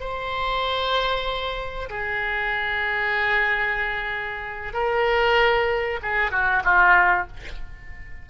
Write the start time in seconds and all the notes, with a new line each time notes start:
0.00 C5
1.90 G#4
4.73 A#4
6.03 G#4
6.32 F#4
6.64 F4